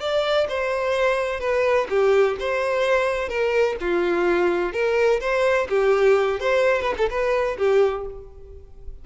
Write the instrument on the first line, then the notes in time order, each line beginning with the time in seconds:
violin
0.00 D5
0.49 C5
1.40 B4
1.90 G4
2.40 C5
3.29 A#4
3.80 F4
4.73 A#4
5.20 C5
5.69 G4
6.40 C5
6.82 B4
6.97 A4
7.10 B4
7.58 G4